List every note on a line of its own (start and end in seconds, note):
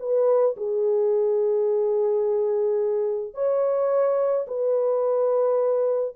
0.00 0.56 B4
0.57 3.34 G#4
3.34 4.47 C#5
4.48 6.16 B4